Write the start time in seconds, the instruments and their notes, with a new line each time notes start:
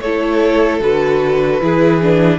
0.00 cello A3, viola E4, violin A4 C#5
0.80 cello D3, viola F#4, violin B4
1.61 cello E3, viola E4, violin G#4
2.02 viola D4